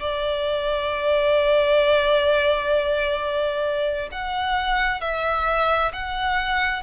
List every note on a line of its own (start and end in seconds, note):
0.00 4.09 D5
4.12 5.01 F#5
5.01 5.92 E5
5.93 6.83 F#5